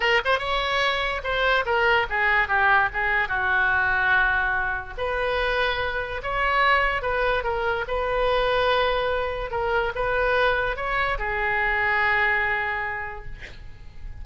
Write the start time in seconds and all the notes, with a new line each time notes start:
0.00 A#4
0.24 C5
0.39 C#5
1.23 C5
1.65 A#4
2.09 G#4
2.48 G4
2.93 G#4
3.28 F#4
4.97 B4
6.23 C#5
7.02 B4
7.43 A#4
7.87 B4
9.51 A#4
9.95 B4
10.76 C#5
11.18 G#4